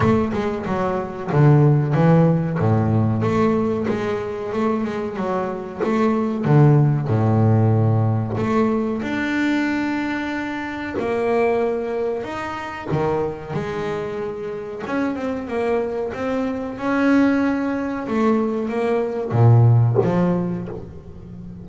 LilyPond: \new Staff \with { instrumentName = "double bass" } { \time 4/4 \tempo 4 = 93 a8 gis8 fis4 d4 e4 | a,4 a4 gis4 a8 gis8 | fis4 a4 d4 a,4~ | a,4 a4 d'2~ |
d'4 ais2 dis'4 | dis4 gis2 cis'8 c'8 | ais4 c'4 cis'2 | a4 ais4 ais,4 f4 | }